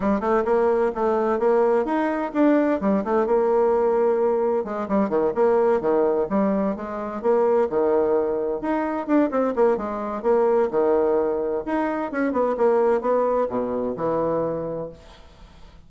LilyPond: \new Staff \with { instrumentName = "bassoon" } { \time 4/4 \tempo 4 = 129 g8 a8 ais4 a4 ais4 | dis'4 d'4 g8 a8 ais4~ | ais2 gis8 g8 dis8 ais8~ | ais8 dis4 g4 gis4 ais8~ |
ais8 dis2 dis'4 d'8 | c'8 ais8 gis4 ais4 dis4~ | dis4 dis'4 cis'8 b8 ais4 | b4 b,4 e2 | }